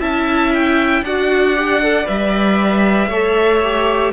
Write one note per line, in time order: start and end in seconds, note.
0.00 1.02 C#4
0.00 1.04 E4
0.00 1.03 E5
0.00 0.52 A5
0.54 1.05 G5
1.02 2.06 D4
1.02 1.56 F#4
1.02 3.09 D5
1.02 2.07 F#5
1.56 1.82 G4
1.83 2.04 A4
2.04 3.08 G3
2.04 3.07 B4
2.04 4.13 E5
3.08 4.11 A3
3.08 3.62 A4
3.08 4.12 C#5
3.62 4.13 G4